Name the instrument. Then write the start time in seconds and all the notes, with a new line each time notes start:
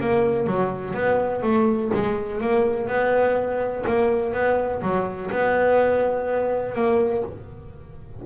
double bass
0.00 A#3
0.46 F#3
0.94 B3
1.42 A3
1.94 G#3
2.41 A#3
2.87 B3
3.87 A#3
4.33 B3
4.81 F#3
5.30 B3
6.75 A#3